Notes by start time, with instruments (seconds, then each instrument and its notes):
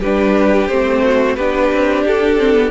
0.00 cello G3, viola D4, violin G4 B4
0.68 cello A3, viola C4, violin C5
1.04 violin F#4
1.36 cello B3, viola D4, violin G4 B4
1.72 cello C4
2.05 cello D4, violin A4
2.38 viola C4
2.54 viola B3